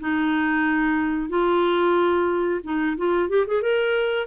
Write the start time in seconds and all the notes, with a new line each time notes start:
0.00 D#4
1.29 F4
2.64 D#4
2.97 F4
3.29 G4
3.47 G#4
3.62 A#4